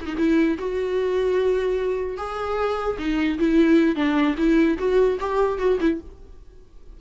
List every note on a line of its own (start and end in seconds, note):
0.00 0.15 D#4
0.00 0.05 E4
0.17 0.57 E4
0.58 2.17 F#4
2.17 2.97 G#4
2.98 3.38 D#4
3.39 3.95 E4
3.95 4.35 D4
4.37 4.77 E4
4.78 5.18 F#4
5.20 5.58 G4
5.58 5.78 F#4
5.80 6.00 E4